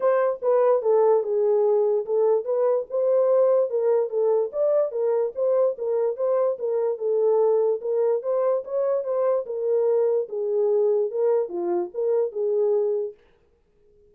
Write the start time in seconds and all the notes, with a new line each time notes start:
0.00 C5
0.42 B4
0.82 A4
1.23 G#4
2.05 A4
2.44 B4
2.90 C5
3.70 A#4
4.09 A4
4.52 D5
4.91 A#4
5.35 C5
5.78 A#4
6.16 C5
6.58 A#4
6.98 A4
7.81 A#4
8.22 C5
8.64 C#5
9.04 C5
9.45 A#4
10.29 G#4
11.11 A#4
11.49 F4
11.94 A#4
12.31 G#4